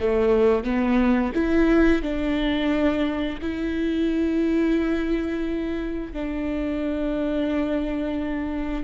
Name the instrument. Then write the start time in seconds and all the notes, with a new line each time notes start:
viola
0.00 A3
0.64 B3
1.35 E4
2.03 D4
3.42 E4
6.13 D4